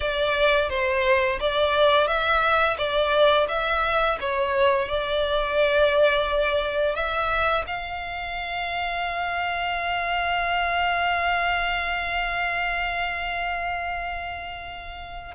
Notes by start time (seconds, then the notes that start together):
0.00 D5
0.69 C5
1.40 D5
2.07 E5
2.77 D5
3.48 E5
4.20 C#5
4.88 D5
6.95 E5
7.66 F5